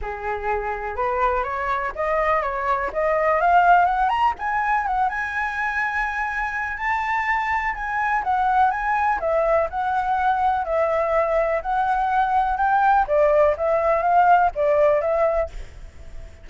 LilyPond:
\new Staff \with { instrumentName = "flute" } { \time 4/4 \tempo 4 = 124 gis'2 b'4 cis''4 | dis''4 cis''4 dis''4 f''4 | fis''8 ais''8 gis''4 fis''8 gis''4.~ | gis''2 a''2 |
gis''4 fis''4 gis''4 e''4 | fis''2 e''2 | fis''2 g''4 d''4 | e''4 f''4 d''4 e''4 | }